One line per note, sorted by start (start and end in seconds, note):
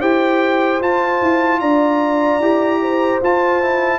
0.00 0.81 E4
0.00 0.81 G4
0.00 1.60 C5
0.00 0.81 G5
0.81 1.21 F4
0.81 2.42 F4
0.81 1.60 A5
1.22 1.61 E4
1.60 2.40 D4
1.60 2.81 D5
1.60 3.20 A#5
2.40 3.20 E4
2.40 3.22 G4
2.82 4.00 C5
3.23 4.00 F4
3.23 3.62 F4
3.23 4.00 A5
3.62 4.00 E4